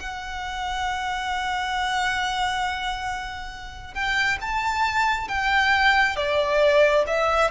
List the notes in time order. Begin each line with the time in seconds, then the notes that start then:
0.00 F#5
3.95 G5
4.42 A5
5.29 G5
6.17 D5
7.07 E5